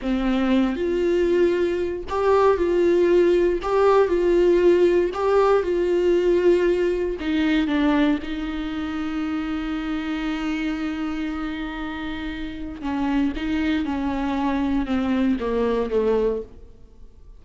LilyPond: \new Staff \with { instrumentName = "viola" } { \time 4/4 \tempo 4 = 117 c'4. f'2~ f'8 | g'4 f'2 g'4 | f'2 g'4 f'4~ | f'2 dis'4 d'4 |
dis'1~ | dis'1~ | dis'4 cis'4 dis'4 cis'4~ | cis'4 c'4 ais4 a4 | }